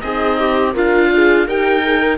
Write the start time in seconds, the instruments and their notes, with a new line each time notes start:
0.00 cello C4, horn D#4, viola G#4, oboe D#5
0.39 viola G4
0.72 cello D4, viola F4, horn A#4, oboe F5
1.14 horn G#4
1.47 cello D#4, horn G4, viola A#4, oboe G5
1.84 horn G#4
1.99 horn A#4